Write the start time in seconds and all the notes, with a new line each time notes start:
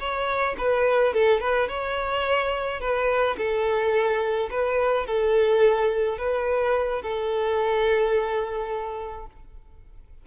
0.00 C#5
0.58 B4
1.14 A4
1.41 B4
1.69 C#5
2.81 B4
3.38 A4
4.51 B4
5.07 A4
6.19 B4
7.02 A4